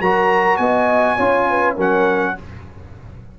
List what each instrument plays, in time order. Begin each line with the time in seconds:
0.00 tuba F#3, trombone F#4, horn A#4, trumpet A#5
0.56 tuba B3, horn D#5, trumpet G#5
1.16 tuba C#4, trombone F4, horn C#5
1.49 horn B4
1.75 tuba F#3, trombone C#4, horn A#4, trumpet F#5